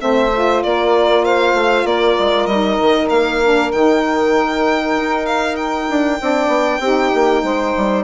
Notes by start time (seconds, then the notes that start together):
0.00 A3 C4 C5 E5
0.34 F4
0.63 A#3 A#4 D5
1.25 C5 F5
1.54 A3
1.85 A#3 A#4 D5
2.19 G#3
2.47 G3 D#4 D#5
2.81 D#3
3.10 A#3 F5
3.44 D4
3.72 D#3 D#4 G5
4.96 D#4
5.26 F5
5.56 G5
5.90 D4
6.19 C4 D4 D5
6.48 B3
6.80 C4 D#4 G4
7.15 A#3
7.43 G#3 C5
7.77 G3